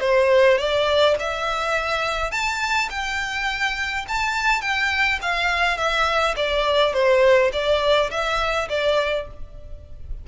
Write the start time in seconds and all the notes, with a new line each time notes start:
0.00 C5
0.57 D5
1.19 E5
2.31 A5
2.90 G5
4.08 A5
4.61 G5
5.22 F5
5.77 E5
6.36 D5
6.93 C5
7.52 D5
8.10 E5
8.69 D5